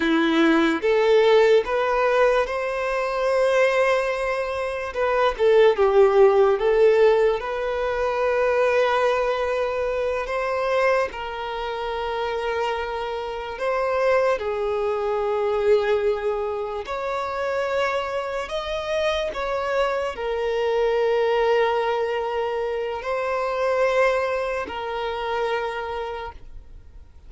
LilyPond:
\new Staff \with { instrumentName = "violin" } { \time 4/4 \tempo 4 = 73 e'4 a'4 b'4 c''4~ | c''2 b'8 a'8 g'4 | a'4 b'2.~ | b'8 c''4 ais'2~ ais'8~ |
ais'8 c''4 gis'2~ gis'8~ | gis'8 cis''2 dis''4 cis''8~ | cis''8 ais'2.~ ais'8 | c''2 ais'2 | }